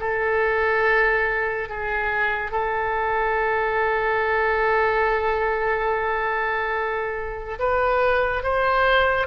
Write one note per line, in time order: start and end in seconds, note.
0.00 1.69 A4
1.69 2.52 G#4
2.52 7.59 A4
7.59 8.43 B4
8.43 9.27 C5